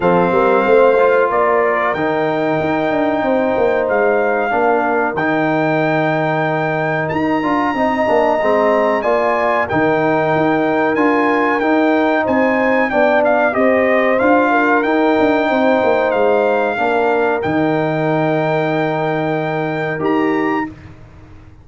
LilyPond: <<
  \new Staff \with { instrumentName = "trumpet" } { \time 4/4 \tempo 4 = 93 f''2 d''4 g''4~ | g''2 f''2 | g''2. ais''4~ | ais''2 gis''4 g''4~ |
g''4 gis''4 g''4 gis''4 | g''8 f''8 dis''4 f''4 g''4~ | g''4 f''2 g''4~ | g''2. ais''4 | }
  \new Staff \with { instrumentName = "horn" } { \time 4/4 a'8 ais'8 c''4 ais'2~ | ais'4 c''2 ais'4~ | ais'1 | dis''2 d''4 ais'4~ |
ais'2. c''4 | d''4 c''4. ais'4. | c''2 ais'2~ | ais'1 | }
  \new Staff \with { instrumentName = "trombone" } { \time 4/4 c'4. f'4. dis'4~ | dis'2. d'4 | dis'2.~ dis'8 f'8 | dis'8 d'8 c'4 f'4 dis'4~ |
dis'4 f'4 dis'2 | d'4 g'4 f'4 dis'4~ | dis'2 d'4 dis'4~ | dis'2. g'4 | }
  \new Staff \with { instrumentName = "tuba" } { \time 4/4 f8 g8 a4 ais4 dis4 | dis'8 d'8 c'8 ais8 gis4 ais4 | dis2. dis'8 d'8 | c'8 ais8 gis4 ais4 dis4 |
dis'4 d'4 dis'4 c'4 | b4 c'4 d'4 dis'8 d'8 | c'8 ais8 gis4 ais4 dis4~ | dis2. dis'4 | }
>>